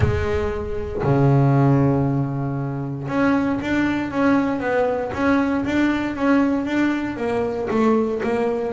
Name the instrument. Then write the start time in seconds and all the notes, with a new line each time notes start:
double bass
0.00 G#3
1.03 C#3
3.08 C#4
3.61 D4
4.10 C#4
4.59 B3
5.13 C#4
5.64 D4
6.15 C#4
6.65 D4
7.17 A#3
7.70 A3
8.23 A#3